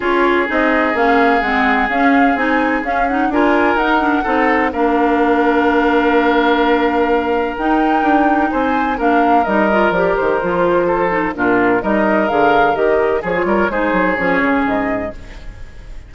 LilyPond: <<
  \new Staff \with { instrumentName = "flute" } { \time 4/4 \tempo 4 = 127 cis''4 dis''4 f''4 fis''4 | f''4 gis''4 f''8 fis''8 gis''4 | fis''2 f''2~ | f''1 |
g''2 gis''4 f''4 | dis''4 d''8 c''2~ c''8 | ais'4 dis''4 f''4 dis''4 | cis''4 c''4 cis''4 dis''4 | }
  \new Staff \with { instrumentName = "oboe" } { \time 4/4 gis'1~ | gis'2. ais'4~ | ais'4 a'4 ais'2~ | ais'1~ |
ais'2 c''4 ais'4~ | ais'2. a'4 | f'4 ais'2. | gis'8 ais'8 gis'2. | }
  \new Staff \with { instrumentName = "clarinet" } { \time 4/4 f'4 dis'4 cis'4 c'4 | cis'4 dis'4 cis'8 dis'8 f'4 | dis'8 d'8 dis'4 d'2~ | d'1 |
dis'2. d'4 | dis'8 f'8 g'4 f'4. dis'8 | d'4 dis'4 gis'4 g'4 | gis'16 f'8. dis'4 cis'2 | }
  \new Staff \with { instrumentName = "bassoon" } { \time 4/4 cis'4 c'4 ais4 gis4 | cis'4 c'4 cis'4 d'4 | dis'4 c'4 ais2~ | ais1 |
dis'4 d'4 c'4 ais4 | g4 f8 dis8 f2 | ais,4 g4 d4 dis4 | f8 g8 gis8 fis8 f8 cis8 gis,4 | }
>>